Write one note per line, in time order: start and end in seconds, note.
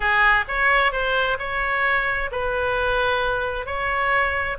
0.00 0.44 G#4
0.48 0.92 C#5
0.92 1.37 C5
1.39 2.30 C#5
2.31 3.66 B4
3.66 4.57 C#5